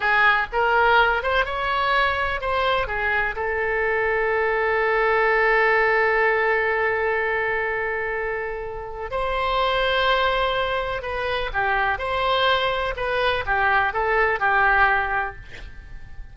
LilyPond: \new Staff \with { instrumentName = "oboe" } { \time 4/4 \tempo 4 = 125 gis'4 ais'4. c''8 cis''4~ | cis''4 c''4 gis'4 a'4~ | a'1~ | a'1~ |
a'2. c''4~ | c''2. b'4 | g'4 c''2 b'4 | g'4 a'4 g'2 | }